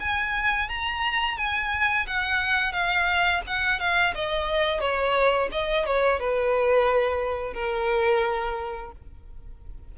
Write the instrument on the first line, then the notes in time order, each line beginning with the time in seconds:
violin
0.00 G#5
0.69 A#5
1.37 G#5
2.07 F#5
2.72 F5
3.47 F#5
3.80 F5
4.15 D#5
4.80 C#5
5.51 D#5
5.86 C#5
6.20 B4
7.54 A#4